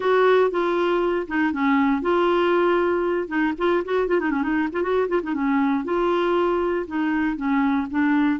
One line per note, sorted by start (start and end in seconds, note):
0.00 0.50 F#4
0.50 1.27 F4
1.27 1.52 D#4
1.52 2.01 C#4
2.01 3.28 F4
3.28 3.53 D#4
3.58 3.83 F4
3.84 4.07 F#4
4.07 4.19 F4
4.19 4.30 D#4
4.30 4.43 C#4
4.43 4.68 D#4
4.72 4.82 F4
4.82 5.07 F#4
5.08 5.21 F4
5.22 5.34 D#4
5.34 5.84 C#4
5.84 6.86 F4
6.87 7.36 D#4
7.36 7.87 C#4
7.90 8.39 D4